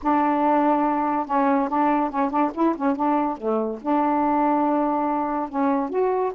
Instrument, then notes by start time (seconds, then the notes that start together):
saxophone
0.02 D4
1.26 C#4
1.68 D4
2.10 C#4
2.30 D4
2.54 E4
2.75 C#4
2.96 D4
3.37 A3
3.81 D4
5.49 C#4
5.89 F#4